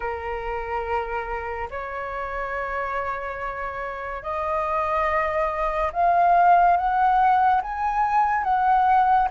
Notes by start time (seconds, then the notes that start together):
0.00 A#4
1.70 C#5
4.23 D#5
5.92 F5
6.76 F#5
7.61 G#5
8.43 F#5